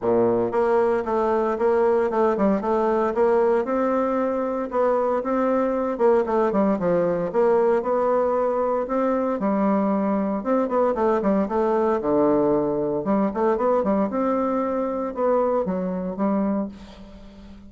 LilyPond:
\new Staff \with { instrumentName = "bassoon" } { \time 4/4 \tempo 4 = 115 ais,4 ais4 a4 ais4 | a8 g8 a4 ais4 c'4~ | c'4 b4 c'4. ais8 | a8 g8 f4 ais4 b4~ |
b4 c'4 g2 | c'8 b8 a8 g8 a4 d4~ | d4 g8 a8 b8 g8 c'4~ | c'4 b4 fis4 g4 | }